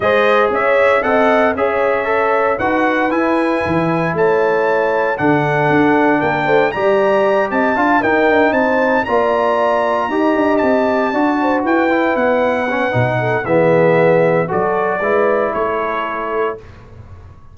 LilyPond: <<
  \new Staff \with { instrumentName = "trumpet" } { \time 4/4 \tempo 4 = 116 dis''4 e''4 fis''4 e''4~ | e''4 fis''4 gis''2 | a''2 fis''2 | g''4 ais''4. a''4 g''8~ |
g''8 a''4 ais''2~ ais''8~ | ais''8 a''2 g''4 fis''8~ | fis''2 e''2 | d''2 cis''2 | }
  \new Staff \with { instrumentName = "horn" } { \time 4/4 c''4 cis''4 dis''4 cis''4~ | cis''4 b'2. | cis''2 a'2 | ais'8 c''8 d''4. dis''8 f''8 ais'8~ |
ais'8 c''4 d''2 dis''8~ | dis''4. d''8 c''8 b'4.~ | b'4. a'8 gis'2 | a'4 b'4 a'2 | }
  \new Staff \with { instrumentName = "trombone" } { \time 4/4 gis'2 a'4 gis'4 | a'4 fis'4 e'2~ | e'2 d'2~ | d'4 g'2 f'8 dis'8~ |
dis'4. f'2 g'8~ | g'4. fis'4. e'4~ | e'8 cis'8 dis'4 b2 | fis'4 e'2. | }
  \new Staff \with { instrumentName = "tuba" } { \time 4/4 gis4 cis'4 c'4 cis'4~ | cis'4 dis'4 e'4 e4 | a2 d4 d'4 | ais8 a8 g4. c'8 d'8 dis'8 |
d'8 c'4 ais2 dis'8 | d'8 c'4 d'4 e'4 b8~ | b4 b,4 e2 | fis4 gis4 a2 | }
>>